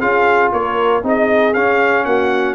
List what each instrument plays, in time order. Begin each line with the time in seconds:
0.00 tuba C#4, trombone F4, horn G#4, trumpet F5
0.52 tuba A#3, horn A#4, trumpet C#5
1.02 tuba C4, trombone D#4, horn G#4, trumpet D#5
1.53 tuba C#4, trombone C#4, trumpet F5
2.05 tuba A#3, horn F#4, trumpet F#5